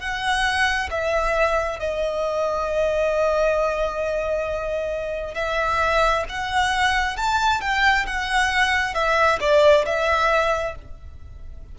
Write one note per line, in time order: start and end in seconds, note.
0.00 0.90 F#5
0.90 1.80 E5
1.80 5.35 D#5
5.35 6.24 E5
6.29 7.17 F#5
7.17 7.61 A5
7.61 8.06 G5
8.06 8.94 F#5
8.94 9.39 E5
9.40 9.85 D5
9.85 10.75 E5